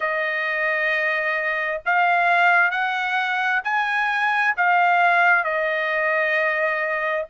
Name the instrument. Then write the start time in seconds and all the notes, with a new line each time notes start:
trumpet
0.00 D#5
1.85 F5
2.70 F#5
3.64 G#5
4.56 F5
5.43 D#5